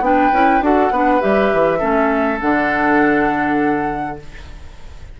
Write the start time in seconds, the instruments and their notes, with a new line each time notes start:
0.00 bassoon B3, clarinet D4, oboe B4, flute G5
0.32 bassoon C#4, clarinet E4
0.61 bassoon D4, clarinet F#4, oboe A4, flute F#5
0.91 bassoon B3, clarinet D4, oboe B4
1.20 bassoon G3, clarinet G4, flute E5
1.53 bassoon E3
1.79 bassoon A3, clarinet C#4, oboe A4
2.40 bassoon D3, clarinet D4, flute F#5